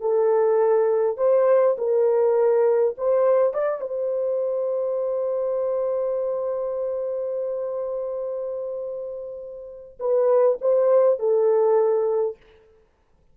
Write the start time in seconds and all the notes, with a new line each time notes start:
0.00 A4
1.17 C5
1.78 A#4
2.97 C5
3.53 D5
3.80 C5
9.99 B4
10.61 C5
11.19 A4